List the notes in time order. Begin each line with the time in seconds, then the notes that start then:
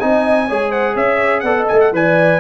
0.00 C4 D#4 D#5 G#5
0.48 G#3 G#4 C#5
0.70 C5 F#5
0.95 C#4 C#5 E5
1.41 B3 A4 D5 F#5
1.58 D#5
1.68 A3 G#5
1.81 F#5
1.93 E3 B4 D5 G#5